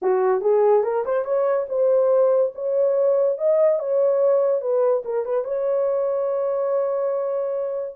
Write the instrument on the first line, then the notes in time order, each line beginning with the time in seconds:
horn
0.02 F#4
0.41 G#4
0.83 A#4
1.05 C5
1.24 C#5
1.68 C5
2.54 C#5
3.38 D#5
3.79 C#5
4.61 B4
5.05 A#4
5.25 B4
5.44 C#5